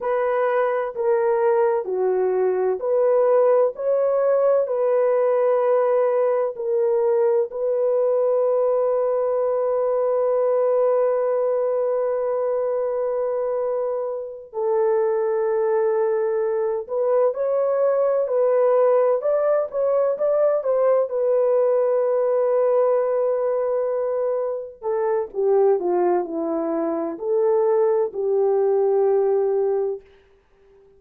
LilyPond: \new Staff \with { instrumentName = "horn" } { \time 4/4 \tempo 4 = 64 b'4 ais'4 fis'4 b'4 | cis''4 b'2 ais'4 | b'1~ | b'2.~ b'8 a'8~ |
a'2 b'8 cis''4 b'8~ | b'8 d''8 cis''8 d''8 c''8 b'4.~ | b'2~ b'8 a'8 g'8 f'8 | e'4 a'4 g'2 | }